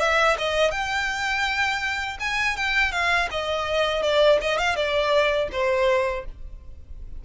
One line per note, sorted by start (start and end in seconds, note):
0.00 0.37 E5
0.38 0.71 D#5
0.71 2.18 G5
2.20 2.57 G#5
2.57 2.92 G5
2.92 3.29 F5
3.31 4.03 D#5
4.03 4.39 D5
4.41 4.58 D#5
4.58 4.76 F5
4.76 5.49 D5
5.52 6.25 C5